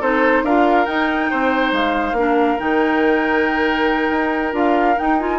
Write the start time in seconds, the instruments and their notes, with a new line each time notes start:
0.00 bassoon C4, clarinet D#4, oboe A4, flute C5
0.43 bassoon D4, clarinet F4, oboe A#4, flute F5
0.85 clarinet D#4, bassoon D#4, flute G5
1.30 bassoon C4, oboe C5
1.72 bassoon G#3, flute F5
2.12 bassoon A#3, clarinet D4
2.18 oboe A#4
2.58 bassoon D#3, clarinet D#4, flute G5
4.10 bassoon D#4
4.52 bassoon D4, clarinet F4, flute F5
4.96 clarinet D#4, bassoon D#4, flute G5
5.19 clarinet F4, flute G#5